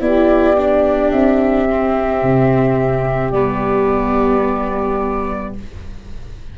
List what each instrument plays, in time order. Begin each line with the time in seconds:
0.00 tuba B3, viola E4, saxophone G4, flute D5
0.57 viola D4
1.10 tuba C4, flute E5
1.69 viola C4
2.22 tuba C3
3.30 tuba G3, viola B3, flute D5